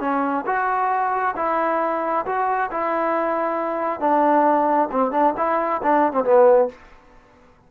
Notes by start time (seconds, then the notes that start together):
0.00 C#4
0.46 F#4
1.36 E4
2.25 F#4
2.71 E4
4.00 D4
4.91 C4
5.11 D4
5.37 E4
5.82 D4
6.13 C4
6.24 B3